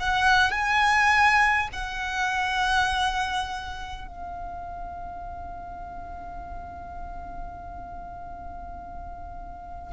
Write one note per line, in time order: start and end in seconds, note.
0.00 0.51 F#5
0.51 1.69 G#5
1.73 4.07 F#5
4.07 9.93 F5